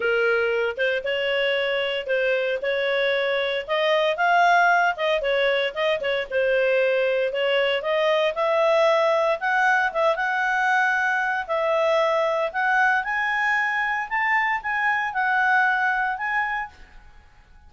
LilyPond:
\new Staff \with { instrumentName = "clarinet" } { \time 4/4 \tempo 4 = 115 ais'4. c''8 cis''2 | c''4 cis''2 dis''4 | f''4. dis''8 cis''4 dis''8 cis''8 | c''2 cis''4 dis''4 |
e''2 fis''4 e''8 fis''8~ | fis''2 e''2 | fis''4 gis''2 a''4 | gis''4 fis''2 gis''4 | }